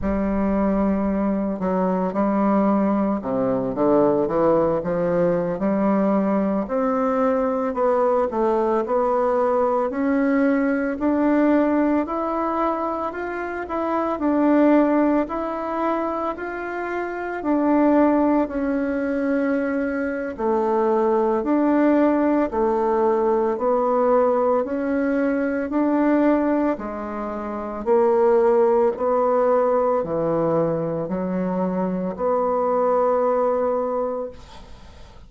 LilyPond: \new Staff \with { instrumentName = "bassoon" } { \time 4/4 \tempo 4 = 56 g4. fis8 g4 c8 d8 | e8 f8. g4 c'4 b8 a16~ | a16 b4 cis'4 d'4 e'8.~ | e'16 f'8 e'8 d'4 e'4 f'8.~ |
f'16 d'4 cis'4.~ cis'16 a4 | d'4 a4 b4 cis'4 | d'4 gis4 ais4 b4 | e4 fis4 b2 | }